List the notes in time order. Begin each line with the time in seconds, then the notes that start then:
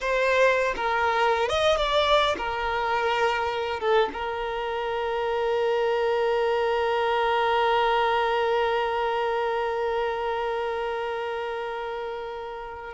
0.01 C5
0.76 A#4
1.49 D#5
1.76 D5
2.37 A#4
3.79 A4
4.13 A#4